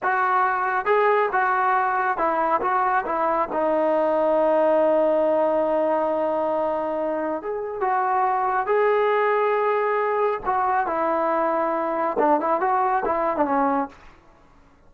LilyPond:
\new Staff \with { instrumentName = "trombone" } { \time 4/4 \tempo 4 = 138 fis'2 gis'4 fis'4~ | fis'4 e'4 fis'4 e'4 | dis'1~ | dis'1~ |
dis'4 gis'4 fis'2 | gis'1 | fis'4 e'2. | d'8 e'8 fis'4 e'8. d'16 cis'4 | }